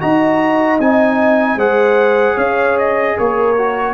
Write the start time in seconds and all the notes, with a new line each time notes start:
0.00 D#4 F#4 D#5 A#5
0.79 C4 D#4 G#5
1.56 G#3 G#4 C5 F#5
2.35 C#4 C#5 F5
2.78 D#5
3.17 A#3 A#4 C#5
3.58 F#4